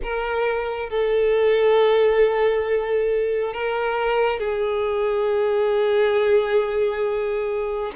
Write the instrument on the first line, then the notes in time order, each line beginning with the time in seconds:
violin
0.02 A#4
0.89 A4
3.53 A#4
4.39 G#4